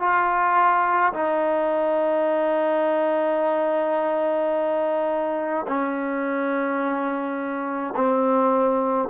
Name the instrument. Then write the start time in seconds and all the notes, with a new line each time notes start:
trombone
0.00 F4
1.14 D#4
5.68 C#4
7.96 C4